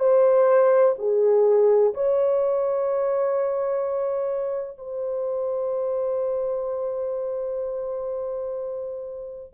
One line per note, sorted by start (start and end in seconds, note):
0.00 0.95 C5
0.99 1.94 G#4
1.94 4.78 C#5
4.78 9.54 C5